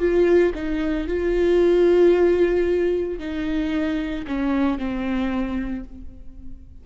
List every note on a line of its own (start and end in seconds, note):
0.00 0.53 F4
0.55 1.08 D#4
1.08 3.20 F4
3.20 4.26 D#4
4.27 4.79 C#4
4.79 5.85 C4